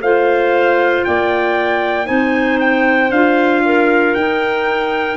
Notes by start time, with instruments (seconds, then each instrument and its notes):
0.00 tuba A3, clarinet F4 C5, trumpet F5
1.04 tuba A#3, clarinet D5, trumpet G5
2.05 tuba C4, clarinet D#4 C5, trumpet G#5
2.60 trumpet G5
3.10 tuba D4, clarinet F4, trumpet F5
3.65 clarinet A#4
4.14 tuba D#4, clarinet D#4, trumpet G5